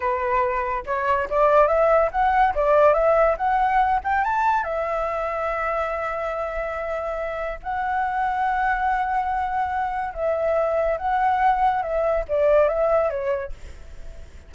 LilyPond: \new Staff \with { instrumentName = "flute" } { \time 4/4 \tempo 4 = 142 b'2 cis''4 d''4 | e''4 fis''4 d''4 e''4 | fis''4. g''8 a''4 e''4~ | e''1~ |
e''2 fis''2~ | fis''1 | e''2 fis''2 | e''4 d''4 e''4 cis''4 | }